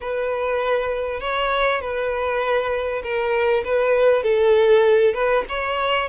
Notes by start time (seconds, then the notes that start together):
0.00 B4
1.20 C#5
1.81 B4
3.03 A#4
3.64 B4
4.23 A4
5.13 B4
5.48 C#5